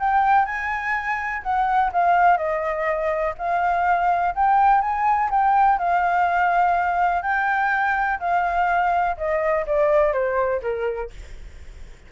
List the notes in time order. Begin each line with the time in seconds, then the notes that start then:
0.00 G5
0.46 G#5
1.43 F#5
1.92 F5
2.37 D#5
3.38 F5
4.35 G5
4.81 G#5
5.31 G5
5.78 F5
7.23 G5
8.20 F5
9.17 D#5
9.66 D5
10.13 C5
10.62 A#4